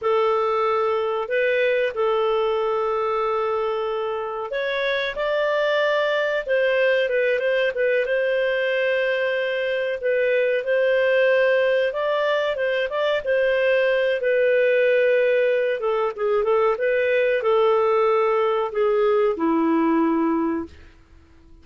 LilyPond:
\new Staff \with { instrumentName = "clarinet" } { \time 4/4 \tempo 4 = 93 a'2 b'4 a'4~ | a'2. cis''4 | d''2 c''4 b'8 c''8 | b'8 c''2. b'8~ |
b'8 c''2 d''4 c''8 | d''8 c''4. b'2~ | b'8 a'8 gis'8 a'8 b'4 a'4~ | a'4 gis'4 e'2 | }